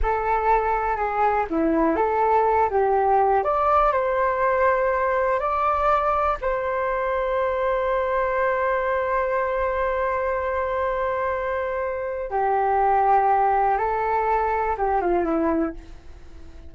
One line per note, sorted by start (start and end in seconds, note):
0.02 0.96 A4
0.96 1.45 G#4
1.50 1.95 E4
1.95 2.69 A4
2.69 3.43 G4
3.43 3.92 D5
3.92 5.39 C5
5.39 6.37 D5
6.41 12.30 C5
12.30 13.77 G4
13.77 14.76 A4
14.77 15.01 G4
15.01 15.24 F4
15.24 15.73 E4